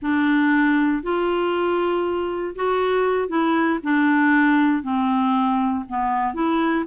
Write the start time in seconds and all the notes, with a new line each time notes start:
0.02 D4
1.02 F4
2.55 F#4
3.28 E4
3.83 D4
4.82 C4
5.88 B3
6.34 E4